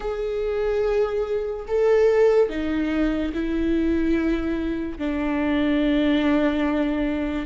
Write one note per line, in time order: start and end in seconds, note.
0.00 1.66 G#4
1.67 2.49 A4
2.49 3.32 D#4
3.33 4.98 E4
4.98 7.46 D4